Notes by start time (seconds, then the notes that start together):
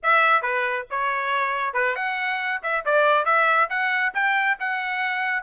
0.03 E5
0.42 B4
0.90 C#5
1.73 B4
1.95 F#5
2.62 E5
2.85 D5
3.25 E5
3.69 F#5
4.14 G5
4.59 F#5